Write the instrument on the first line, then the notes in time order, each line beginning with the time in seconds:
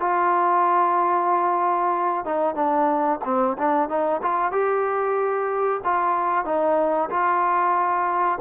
trombone
0.00 F4
2.25 D#4
2.55 D4
3.25 C4
3.58 D4
3.89 D#4
4.23 F4
4.52 G4
5.84 F4
6.45 D#4
7.10 F4